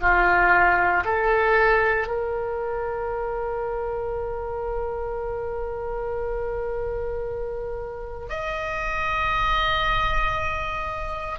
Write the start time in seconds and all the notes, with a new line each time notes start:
0.00 F4
1.04 A4
2.07 A#4
8.29 D#5